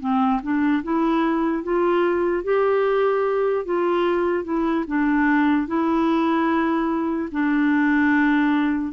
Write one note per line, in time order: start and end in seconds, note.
0.00 0.41 C4
0.42 0.83 D4
0.83 1.63 E4
1.63 2.44 F4
2.44 3.65 G4
3.65 4.44 F4
4.44 4.85 E4
4.87 5.67 D4
5.67 7.29 E4
7.32 8.93 D4